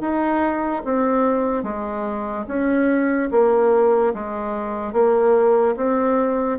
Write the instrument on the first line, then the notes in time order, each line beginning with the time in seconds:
bassoon
0.00 D#4
0.84 C4
1.63 G#3
2.47 C#4
3.31 A#3
4.14 G#3
4.93 A#3
5.76 C4